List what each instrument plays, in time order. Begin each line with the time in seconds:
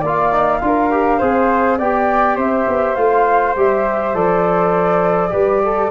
0.00 tuba A#3, trombone F4, flute D5
0.06 flute F5
0.32 trombone D#4
0.61 tuba D4, trombone F4, flute A#4
0.90 trombone G4
1.18 tuba C4, trombone G#4, flute C5
1.77 tuba B3, trombone G4, flute D5 G5
2.36 tuba C4, flute C5 E5
2.68 tuba B3
2.95 tuba A3, trombone F4, flute F5
3.55 tuba G3, trombone G4, flute E5
4.14 tuba F3, trombone A4, flute D5
5.30 tuba G3, trombone G4, flute B4
5.64 flute A4